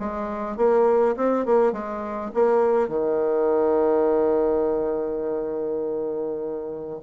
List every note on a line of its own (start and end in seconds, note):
0.00 0.57 G#3
0.57 1.16 A#3
1.17 1.46 C4
1.46 1.73 A#3
1.73 2.32 G#3
2.34 2.89 A#3
2.89 7.01 D#3